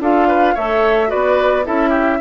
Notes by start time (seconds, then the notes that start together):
0.00 D4 F4 A4 F5
0.28 B4
0.54 A3 A4 C#5 E5
1.08 F#4 B4 D5
1.14 B3
1.65 C#4 E4 A4 E5
1.89 G4